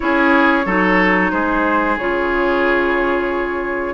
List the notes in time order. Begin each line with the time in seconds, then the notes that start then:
0.00 C#4 E4 G#4 C#5
0.65 F#3 D#4 A4
1.31 G#3 G#4 C5
1.97 C#3 F4 C#5